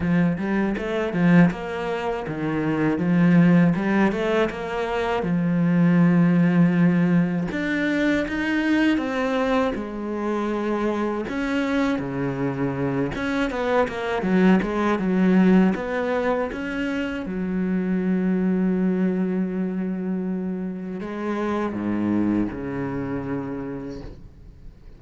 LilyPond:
\new Staff \with { instrumentName = "cello" } { \time 4/4 \tempo 4 = 80 f8 g8 a8 f8 ais4 dis4 | f4 g8 a8 ais4 f4~ | f2 d'4 dis'4 | c'4 gis2 cis'4 |
cis4. cis'8 b8 ais8 fis8 gis8 | fis4 b4 cis'4 fis4~ | fis1 | gis4 gis,4 cis2 | }